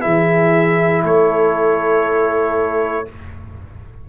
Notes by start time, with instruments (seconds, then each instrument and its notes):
0.00 tuba E3, trombone E4, horn G#4, trumpet E5
1.04 tuba A3, horn A4, trumpet C#5